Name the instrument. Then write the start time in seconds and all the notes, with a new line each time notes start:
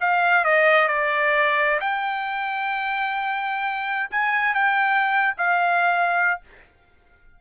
trumpet
0.00 F5
0.44 D#5
0.88 D5
1.80 G5
4.11 G#5
4.54 G5
5.37 F5